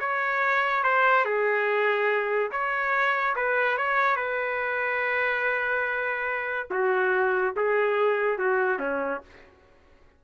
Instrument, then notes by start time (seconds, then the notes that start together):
trumpet
0.00 C#5
0.84 C5
1.25 G#4
2.52 C#5
3.36 B4
3.77 C#5
4.17 B4
6.71 F#4
7.57 G#4
8.38 F#4
8.79 C#4